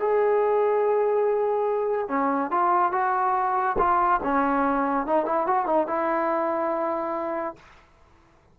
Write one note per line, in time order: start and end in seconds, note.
0.00 2.09 G#4
2.09 2.51 C#4
2.51 2.92 F4
2.92 3.77 F#4
3.79 4.21 F4
4.23 5.07 C#4
5.07 5.26 D#4
5.26 5.47 E4
5.47 5.66 F#4
5.66 5.87 D#4
5.87 7.56 E4